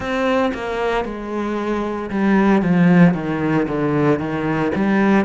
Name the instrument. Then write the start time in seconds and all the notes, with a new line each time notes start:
cello
0.00 C4
0.54 A#3
1.04 G#3
2.10 G3
2.61 F3
3.13 D#3
3.68 D3
4.19 D#3
4.75 G3